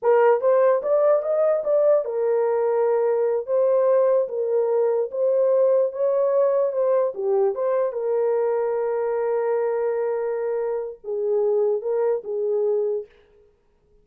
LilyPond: \new Staff \with { instrumentName = "horn" } { \time 4/4 \tempo 4 = 147 ais'4 c''4 d''4 dis''4 | d''4 ais'2.~ | ais'8 c''2 ais'4.~ | ais'8 c''2 cis''4.~ |
cis''8 c''4 g'4 c''4 ais'8~ | ais'1~ | ais'2. gis'4~ | gis'4 ais'4 gis'2 | }